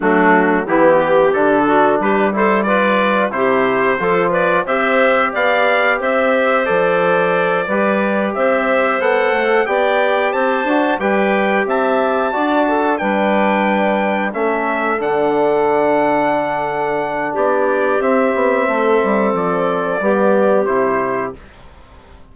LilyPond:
<<
  \new Staff \with { instrumentName = "trumpet" } { \time 4/4 \tempo 4 = 90 fis'4 g'4 a'4 b'8 c''8 | d''4 c''4. d''8 e''4 | f''4 e''4 d''2~ | d''8 e''4 fis''4 g''4 a''8~ |
a''8 g''4 a''2 g''8~ | g''4. e''4 fis''4.~ | fis''2 d''4 e''4~ | e''4 d''2 c''4 | }
  \new Staff \with { instrumentName = "clarinet" } { \time 4/4 d'4 e'8 g'4 fis'8 g'8 a'8 | b'4 g'4 a'8 b'8 c''4 | d''4 c''2~ c''8 b'8~ | b'8 c''2 d''4 c''8~ |
c''8 b'4 e''4 d''8 a'8 b'8~ | b'4. a'2~ a'8~ | a'2 g'2 | a'2 g'2 | }
  \new Staff \with { instrumentName = "trombone" } { \time 4/4 a4 b4 d'4. e'8 | f'4 e'4 f'4 g'4~ | g'2 a'4. g'8~ | g'4. a'4 g'4. |
fis'8 g'2 fis'4 d'8~ | d'4. cis'4 d'4.~ | d'2. c'4~ | c'2 b4 e'4 | }
  \new Staff \with { instrumentName = "bassoon" } { \time 4/4 fis4 e4 d4 g4~ | g4 c4 f4 c'4 | b4 c'4 f4. g8~ | g8 c'4 b8 a8 b4 c'8 |
d'8 g4 c'4 d'4 g8~ | g4. a4 d4.~ | d2 b4 c'8 b8 | a8 g8 f4 g4 c4 | }
>>